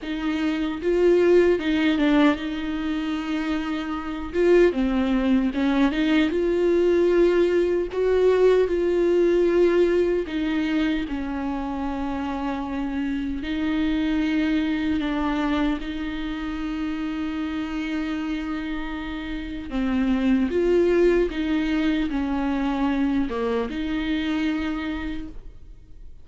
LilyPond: \new Staff \with { instrumentName = "viola" } { \time 4/4 \tempo 4 = 76 dis'4 f'4 dis'8 d'8 dis'4~ | dis'4. f'8 c'4 cis'8 dis'8 | f'2 fis'4 f'4~ | f'4 dis'4 cis'2~ |
cis'4 dis'2 d'4 | dis'1~ | dis'4 c'4 f'4 dis'4 | cis'4. ais8 dis'2 | }